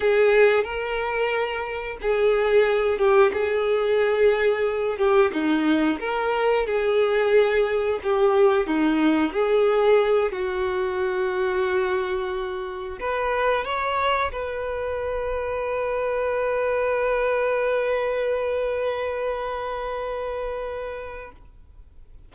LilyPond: \new Staff \with { instrumentName = "violin" } { \time 4/4 \tempo 4 = 90 gis'4 ais'2 gis'4~ | gis'8 g'8 gis'2~ gis'8 g'8 | dis'4 ais'4 gis'2 | g'4 dis'4 gis'4. fis'8~ |
fis'2.~ fis'8 b'8~ | b'8 cis''4 b'2~ b'8~ | b'1~ | b'1 | }